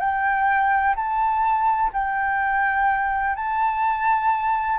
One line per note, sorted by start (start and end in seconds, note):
0.00 0.95 G5
0.96 1.91 A5
1.93 3.36 G5
3.36 4.79 A5